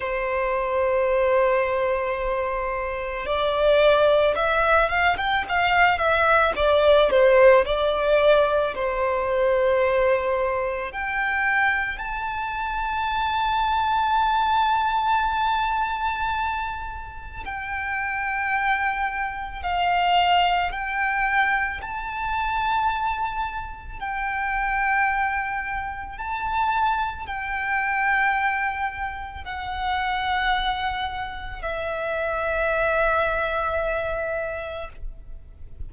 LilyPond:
\new Staff \with { instrumentName = "violin" } { \time 4/4 \tempo 4 = 55 c''2. d''4 | e''8 f''16 g''16 f''8 e''8 d''8 c''8 d''4 | c''2 g''4 a''4~ | a''1 |
g''2 f''4 g''4 | a''2 g''2 | a''4 g''2 fis''4~ | fis''4 e''2. | }